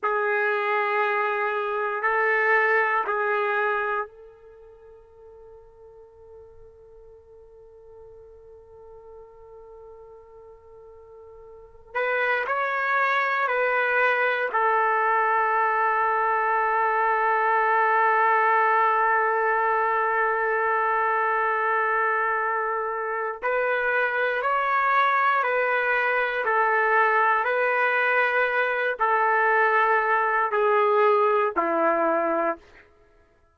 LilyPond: \new Staff \with { instrumentName = "trumpet" } { \time 4/4 \tempo 4 = 59 gis'2 a'4 gis'4 | a'1~ | a'2.~ a'8. b'16~ | b'16 cis''4 b'4 a'4.~ a'16~ |
a'1~ | a'2. b'4 | cis''4 b'4 a'4 b'4~ | b'8 a'4. gis'4 e'4 | }